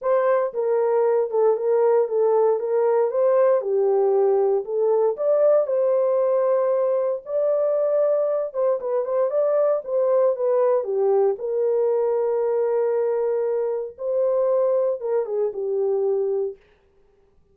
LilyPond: \new Staff \with { instrumentName = "horn" } { \time 4/4 \tempo 4 = 116 c''4 ais'4. a'8 ais'4 | a'4 ais'4 c''4 g'4~ | g'4 a'4 d''4 c''4~ | c''2 d''2~ |
d''8 c''8 b'8 c''8 d''4 c''4 | b'4 g'4 ais'2~ | ais'2. c''4~ | c''4 ais'8 gis'8 g'2 | }